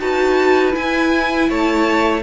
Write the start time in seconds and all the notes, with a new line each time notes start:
0.00 D#4 F#4 B4 A5
0.72 E4 G#5
1.49 A3 C#5 A5